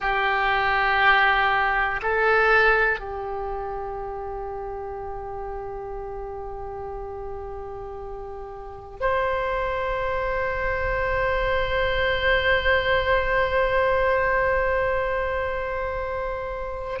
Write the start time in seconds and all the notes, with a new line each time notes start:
0.00 G4
2.02 A4
2.99 G4
9.00 C5